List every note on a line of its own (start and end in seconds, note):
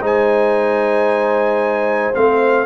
0.00 2.12 G#3
0.00 2.14 D#4
0.00 2.66 C5
0.00 2.15 G#5
2.14 2.66 A3
2.14 2.66 C4
2.14 2.66 F5